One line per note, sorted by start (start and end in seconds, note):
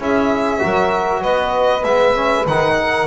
0.00 0.61 C#4
0.00 0.60 E4
0.00 0.62 G#4
0.00 1.23 E5
0.60 1.25 F#3
0.60 1.82 F#4
0.60 1.21 A#4
1.21 1.85 B3
1.21 2.74 B4
1.21 1.85 D#5
1.85 2.46 G#3
1.85 2.15 B3
1.85 2.46 E5
2.15 2.46 C#4
2.47 3.08 D#3
2.47 3.08 D#4
2.47 3.08 F#5
2.81 3.08 A#4